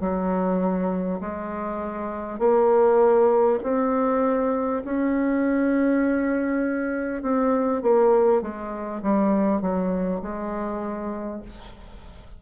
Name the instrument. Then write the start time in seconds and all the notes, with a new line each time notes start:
bassoon
0.00 F#3
1.21 G#3
2.38 A#3
3.63 C4
4.84 C#4
7.22 C4
7.82 A#3
8.41 G#3
9.02 G3
9.61 F#3
10.21 G#3